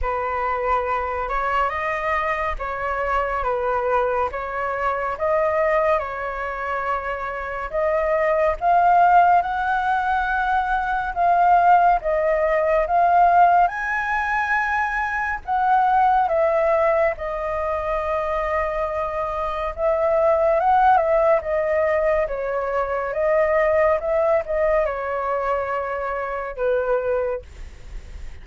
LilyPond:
\new Staff \with { instrumentName = "flute" } { \time 4/4 \tempo 4 = 70 b'4. cis''8 dis''4 cis''4 | b'4 cis''4 dis''4 cis''4~ | cis''4 dis''4 f''4 fis''4~ | fis''4 f''4 dis''4 f''4 |
gis''2 fis''4 e''4 | dis''2. e''4 | fis''8 e''8 dis''4 cis''4 dis''4 | e''8 dis''8 cis''2 b'4 | }